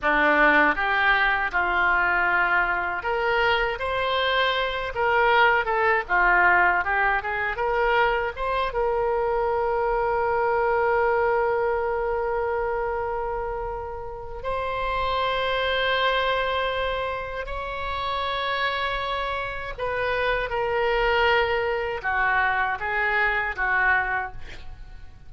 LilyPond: \new Staff \with { instrumentName = "oboe" } { \time 4/4 \tempo 4 = 79 d'4 g'4 f'2 | ais'4 c''4. ais'4 a'8 | f'4 g'8 gis'8 ais'4 c''8 ais'8~ | ais'1~ |
ais'2. c''4~ | c''2. cis''4~ | cis''2 b'4 ais'4~ | ais'4 fis'4 gis'4 fis'4 | }